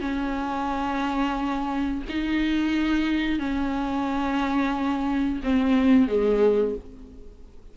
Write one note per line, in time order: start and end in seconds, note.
0.00 2.02 C#4
2.09 3.39 D#4
3.39 5.41 C#4
5.43 6.07 C4
6.07 6.75 G#3